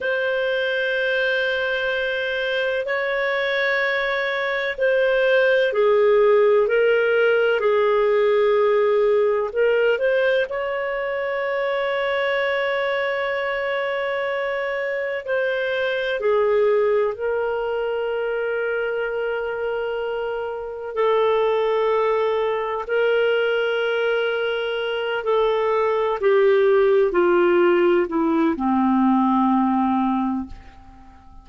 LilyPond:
\new Staff \with { instrumentName = "clarinet" } { \time 4/4 \tempo 4 = 63 c''2. cis''4~ | cis''4 c''4 gis'4 ais'4 | gis'2 ais'8 c''8 cis''4~ | cis''1 |
c''4 gis'4 ais'2~ | ais'2 a'2 | ais'2~ ais'8 a'4 g'8~ | g'8 f'4 e'8 c'2 | }